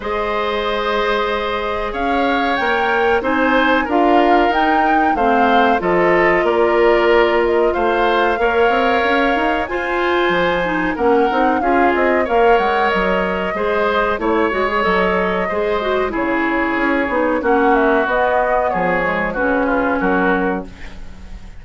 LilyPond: <<
  \new Staff \with { instrumentName = "flute" } { \time 4/4 \tempo 4 = 93 dis''2. f''4 | g''4 gis''4 f''4 g''4 | f''4 dis''4 d''4. dis''8 | f''2. gis''4~ |
gis''4 fis''4 f''8 dis''8 f''8 fis''8 | dis''2 cis''4 dis''4~ | dis''4 cis''2 fis''8 e''8 | dis''4 cis''4 b'4 ais'4 | }
  \new Staff \with { instrumentName = "oboe" } { \time 4/4 c''2. cis''4~ | cis''4 c''4 ais'2 | c''4 a'4 ais'2 | c''4 cis''2 c''4~ |
c''4 ais'4 gis'4 cis''4~ | cis''4 c''4 cis''2 | c''4 gis'2 fis'4~ | fis'4 gis'4 fis'8 f'8 fis'4 | }
  \new Staff \with { instrumentName = "clarinet" } { \time 4/4 gis'1 | ais'4 dis'4 f'4 dis'4 | c'4 f'2.~ | f'4 ais'2 f'4~ |
f'8 dis'8 cis'8 dis'8 f'4 ais'4~ | ais'4 gis'4 e'8 fis'16 gis'16 a'4 | gis'8 fis'8 e'4. dis'8 cis'4 | b4. gis8 cis'2 | }
  \new Staff \with { instrumentName = "bassoon" } { \time 4/4 gis2. cis'4 | ais4 c'4 d'4 dis'4 | a4 f4 ais2 | a4 ais8 c'8 cis'8 dis'8 f'4 |
f4 ais8 c'8 cis'8 c'8 ais8 gis8 | fis4 gis4 a8 gis8 fis4 | gis4 cis4 cis'8 b8 ais4 | b4 f4 cis4 fis4 | }
>>